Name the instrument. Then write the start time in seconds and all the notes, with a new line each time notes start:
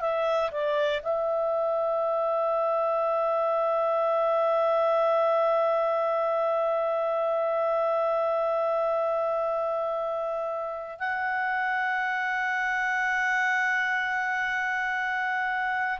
clarinet
0.00 E5
0.51 D5
1.02 E5
10.99 F#5